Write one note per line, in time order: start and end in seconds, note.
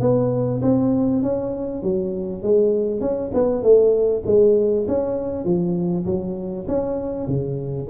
0.00 0.61 B3
0.61 1.22 C4
1.22 1.82 C#4
1.82 2.42 F#3
2.42 3.00 G#3
3.00 3.31 C#4
3.33 3.62 B3
3.62 4.23 A3
4.26 4.86 G#3
4.87 5.44 C#4
5.44 6.05 F3
6.06 6.66 F#3
6.67 7.27 C#4
7.27 7.87 C#3